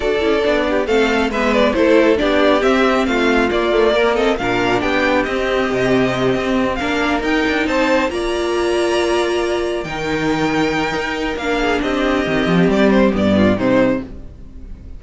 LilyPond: <<
  \new Staff \with { instrumentName = "violin" } { \time 4/4 \tempo 4 = 137 d''2 f''4 e''8 d''8 | c''4 d''4 e''4 f''4 | d''4. dis''8 f''4 g''4 | dis''2.~ dis''8 f''8~ |
f''8 g''4 a''4 ais''4.~ | ais''2~ ais''8 g''4.~ | g''2 f''4 dis''4~ | dis''4 d''8 c''8 d''4 c''4 | }
  \new Staff \with { instrumentName = "violin" } { \time 4/4 a'4. g'8 a'4 b'4 | a'4 g'2 f'4~ | f'4 ais'8 a'8 ais'4 g'4~ | g'2.~ g'8 ais'8~ |
ais'4. c''4 d''4.~ | d''2~ d''8 ais'4.~ | ais'2~ ais'8 gis'8 g'4~ | g'2~ g'8 f'8 dis'4 | }
  \new Staff \with { instrumentName = "viola" } { \time 4/4 fis'8 e'8 d'4 c'4 b4 | e'4 d'4 c'2 | ais8 a8 ais8 c'8 d'2 | c'2.~ c'8 d'8~ |
d'8 dis'2 f'4.~ | f'2~ f'8 dis'4.~ | dis'2 d'2 | c'2 b4 c'4 | }
  \new Staff \with { instrumentName = "cello" } { \time 4/4 d'8 cis'8 b4 a4 gis4 | a4 b4 c'4 a4 | ais2 ais,4 b4 | c'4 c4. c'4 ais8~ |
ais8 dis'8 d'8 c'4 ais4.~ | ais2~ ais8 dis4.~ | dis4 dis'4 ais4 c'4 | dis8 f8 g4 g,4 c4 | }
>>